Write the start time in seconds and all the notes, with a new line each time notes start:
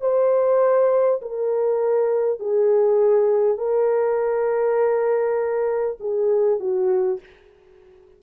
0.00 C5
1.21 A#4
2.39 G#4
3.57 A#4
6.00 G#4
6.59 F#4